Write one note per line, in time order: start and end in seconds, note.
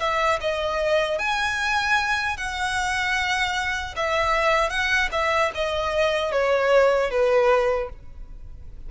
0.00 0.39 E5
0.41 1.19 D#5
1.19 2.37 G#5
2.37 3.95 F#5
3.96 4.70 E5
4.70 5.09 F#5
5.12 5.52 E5
5.55 6.32 D#5
6.32 7.11 C#5
7.11 7.89 B4